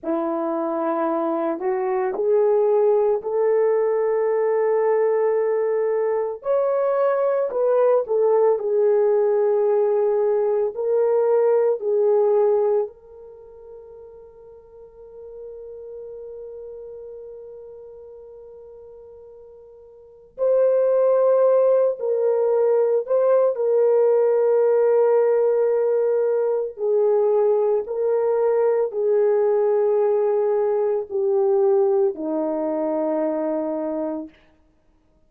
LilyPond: \new Staff \with { instrumentName = "horn" } { \time 4/4 \tempo 4 = 56 e'4. fis'8 gis'4 a'4~ | a'2 cis''4 b'8 a'8 | gis'2 ais'4 gis'4 | ais'1~ |
ais'2. c''4~ | c''8 ais'4 c''8 ais'2~ | ais'4 gis'4 ais'4 gis'4~ | gis'4 g'4 dis'2 | }